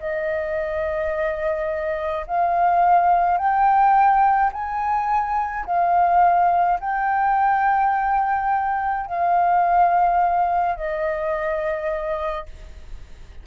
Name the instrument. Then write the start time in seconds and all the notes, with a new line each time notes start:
flute
0.00 D#5
2.27 F5
3.38 G5
4.53 G#5
5.66 F5
6.80 G5
9.07 F5
10.77 D#5